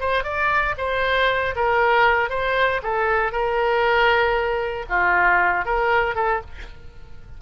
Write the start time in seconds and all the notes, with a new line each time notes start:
0.00 C5
0.24 D5
0.78 C5
1.56 A#4
2.30 C5
2.83 A4
3.32 A#4
4.90 F4
5.65 A#4
6.15 A4